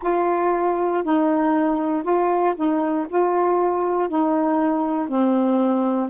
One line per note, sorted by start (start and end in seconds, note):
0.02 1.03 F4
1.03 2.03 D#4
2.03 2.54 F4
2.56 3.06 D#4
3.08 4.08 F4
4.08 5.08 D#4
5.08 6.09 C4